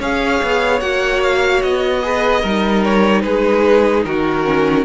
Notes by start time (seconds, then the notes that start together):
0.00 C#4 G#4 C#5 F5
0.43 B3
0.80 A#3 F#4 F#5
1.23 F5
1.62 B3 D#5
2.03 G#4 B4
2.41 G3 D#4 A#4
2.84 C#5
3.22 G#3 G#4 B4
4.05 D#3 F#4 A#4
4.44 C#4